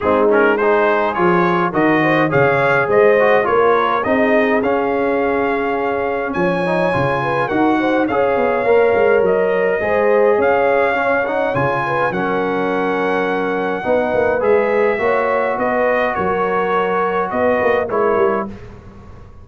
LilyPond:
<<
  \new Staff \with { instrumentName = "trumpet" } { \time 4/4 \tempo 4 = 104 gis'8 ais'8 c''4 cis''4 dis''4 | f''4 dis''4 cis''4 dis''4 | f''2. gis''4~ | gis''4 fis''4 f''2 |
dis''2 f''4. fis''8 | gis''4 fis''2.~ | fis''4 e''2 dis''4 | cis''2 dis''4 cis''4 | }
  \new Staff \with { instrumentName = "horn" } { \time 4/4 dis'4 gis'2 ais'8 c''8 | cis''4 c''4 ais'4 gis'4~ | gis'2. cis''4~ | cis''8 b'8 ais'8 c''8 cis''2~ |
cis''4 c''4 cis''2~ | cis''8 b'8 ais'2. | b'2 cis''4 b'4 | ais'2 b'4 ais'4 | }
  \new Staff \with { instrumentName = "trombone" } { \time 4/4 c'8 cis'8 dis'4 f'4 fis'4 | gis'4. fis'8 f'4 dis'4 | cis'2.~ cis'8 dis'8 | f'4 fis'4 gis'4 ais'4~ |
ais'4 gis'2 cis'8 dis'8 | f'4 cis'2. | dis'4 gis'4 fis'2~ | fis'2. e'4 | }
  \new Staff \with { instrumentName = "tuba" } { \time 4/4 gis2 f4 dis4 | cis4 gis4 ais4 c'4 | cis'2. f4 | cis4 dis'4 cis'8 b8 ais8 gis8 |
fis4 gis4 cis'2 | cis4 fis2. | b8 ais8 gis4 ais4 b4 | fis2 b8 ais8 gis8 g8 | }
>>